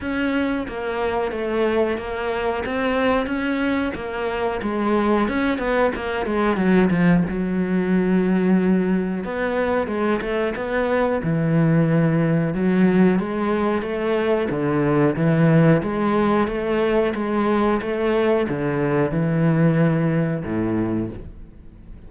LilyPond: \new Staff \with { instrumentName = "cello" } { \time 4/4 \tempo 4 = 91 cis'4 ais4 a4 ais4 | c'4 cis'4 ais4 gis4 | cis'8 b8 ais8 gis8 fis8 f8 fis4~ | fis2 b4 gis8 a8 |
b4 e2 fis4 | gis4 a4 d4 e4 | gis4 a4 gis4 a4 | d4 e2 a,4 | }